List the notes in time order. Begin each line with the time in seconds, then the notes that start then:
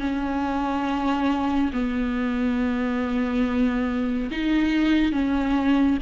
0.00 C#4
1.73 B3
4.32 D#4
5.12 C#4